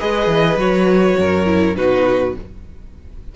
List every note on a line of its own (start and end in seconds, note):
0.00 0.27 G#3
0.00 0.58 G#4
0.00 1.18 B4
0.00 0.60 D#5
0.27 0.56 E3
0.57 1.16 F#3
0.57 1.46 F#4
0.57 1.76 C#5
1.19 1.77 F#2
1.19 1.77 A#4
1.46 1.75 E4
1.76 2.36 B2
1.76 2.35 D#4
1.76 2.36 F#4
1.76 2.35 B4